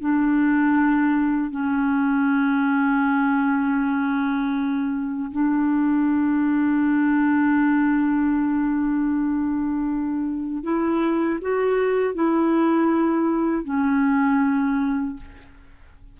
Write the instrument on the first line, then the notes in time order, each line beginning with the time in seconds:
clarinet
0.00 D4
1.51 C#4
5.31 D4
10.63 E4
11.41 F#4
12.14 E4
13.64 C#4